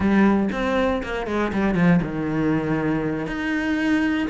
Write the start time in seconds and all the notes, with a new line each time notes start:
0.00 G3
0.52 C4
1.03 A#3
1.26 G#3
1.52 G3
1.74 F3
2.02 D#3
3.26 D#4